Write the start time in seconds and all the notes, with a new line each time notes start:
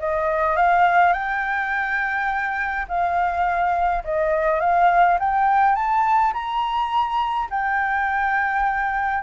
0.00 D#5
0.57 F5
1.14 G5
2.89 F5
4.05 D#5
4.61 F5
5.20 G5
5.76 A5
6.34 A#5
7.51 G5